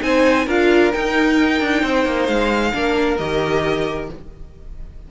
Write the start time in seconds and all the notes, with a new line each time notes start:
0.00 C4 D#4 C5 G#5
0.46 D4 F4 A#4 F5
0.93 D#4 G5
1.61 D4
1.82 C4 C5
2.06 A#3
2.27 G#3 F5
2.73 A#3 D4 A#4
3.18 D#3 G4 D#5